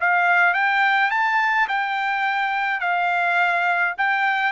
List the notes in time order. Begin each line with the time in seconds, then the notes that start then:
0.00 F5
0.54 G5
1.11 A5
1.68 G5
2.81 F5
3.98 G5